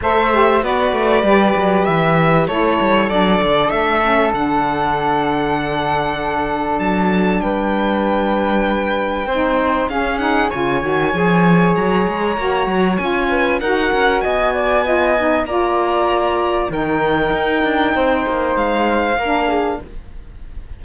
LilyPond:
<<
  \new Staff \with { instrumentName = "violin" } { \time 4/4 \tempo 4 = 97 e''4 d''2 e''4 | cis''4 d''4 e''4 fis''4~ | fis''2. a''4 | g''1 |
f''8 fis''8 gis''2 ais''4~ | ais''4 gis''4 fis''4 gis''4~ | gis''4 ais''2 g''4~ | g''2 f''2 | }
  \new Staff \with { instrumentName = "flute" } { \time 4/4 c''4 b'2. | a'1~ | a'1 | b'2. c''4 |
gis'4 cis''2.~ | cis''4. b'8 ais'4 dis''8 d''8 | dis''4 d''2 ais'4~ | ais'4 c''2 ais'8 gis'8 | }
  \new Staff \with { instrumentName = "saxophone" } { \time 4/4 a'8 g'8 fis'4 g'2 | e'4 d'4. cis'8 d'4~ | d'1~ | d'2. dis'4 |
cis'8 dis'8 f'8 fis'8 gis'2 | fis'4 f'4 fis'2 | f'8 dis'8 f'2 dis'4~ | dis'2. d'4 | }
  \new Staff \with { instrumentName = "cello" } { \time 4/4 a4 b8 a8 g8 fis8 e4 | a8 g8 fis8 d8 a4 d4~ | d2. fis4 | g2. c'4 |
cis'4 cis8 dis8 f4 fis8 gis8 | ais8 fis8 cis'4 dis'8 cis'8 b4~ | b4 ais2 dis4 | dis'8 d'8 c'8 ais8 gis4 ais4 | }
>>